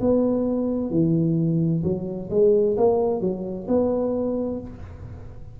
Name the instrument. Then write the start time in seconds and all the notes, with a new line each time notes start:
tuba
0.00 B3
0.90 E3
1.83 F#3
2.30 G#3
2.77 A#3
3.21 F#3
3.68 B3